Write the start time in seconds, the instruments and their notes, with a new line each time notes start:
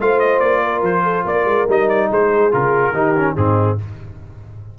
0.00 tuba A3, trombone F4, horn C5, trumpet F5
0.19 trumpet D#5
0.40 tuba A#3, trumpet D5
0.62 horn A#4
0.82 tuba F3, trumpet C5
1.03 horn A4
1.25 tuba A#3, horn A#4, trumpet D5
1.45 tuba G#3
1.68 tuba G3, trombone D#4, trumpet D#5
1.89 trumpet D5
2.10 tuba G#3, horn G#4, trumpet C5
2.51 tuba C#3, trombone F4, trumpet A#4
2.92 tuba D#3, trombone D#4, horn G4
3.16 trombone C#4
3.36 tuba G#2, trombone C4, horn D#4, trumpet G#4